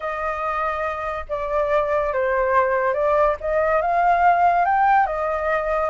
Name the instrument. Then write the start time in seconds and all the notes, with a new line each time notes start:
flute
0.00 D#5
1.28 D5
2.13 C5
2.93 D5
3.40 D#5
3.81 F5
4.65 G5
5.06 D#5